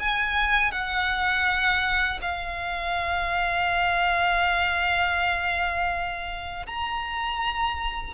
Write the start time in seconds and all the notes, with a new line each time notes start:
0.00 G#5
0.72 F#5
2.22 F5
6.67 A#5